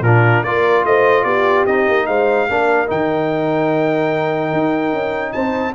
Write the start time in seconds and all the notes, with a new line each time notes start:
0.00 A#2 D4 F4 A#4
0.43 A#3 F4 A#4 D5
0.84 A3 C5 D#5
1.24 B3 G4 D5
1.66 C4 D#4 D#5
1.87 A#3
2.06 G#3 C5 F5
2.49 A#3 D4 A#4
2.86 D#3 D#4 G5
4.52 D#4
4.92 C#4
5.32 C4 C5 A5